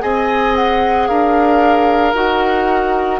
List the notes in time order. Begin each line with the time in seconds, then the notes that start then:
0.00 C4 G#4 D#5 G#5
0.55 F#5
1.07 D4 A#4 F5
2.14 D#4 F#4 F#5